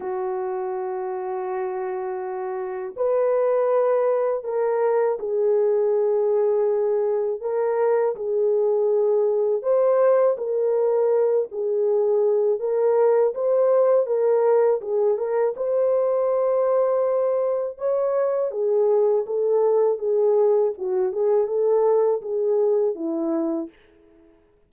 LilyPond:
\new Staff \with { instrumentName = "horn" } { \time 4/4 \tempo 4 = 81 fis'1 | b'2 ais'4 gis'4~ | gis'2 ais'4 gis'4~ | gis'4 c''4 ais'4. gis'8~ |
gis'4 ais'4 c''4 ais'4 | gis'8 ais'8 c''2. | cis''4 gis'4 a'4 gis'4 | fis'8 gis'8 a'4 gis'4 e'4 | }